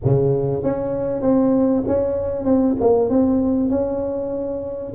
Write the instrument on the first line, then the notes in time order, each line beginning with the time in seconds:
tuba
0.04 C#3
0.63 C#4
1.21 C4
1.87 C#4
2.44 C4
2.80 A#3
3.09 C4
3.69 C#4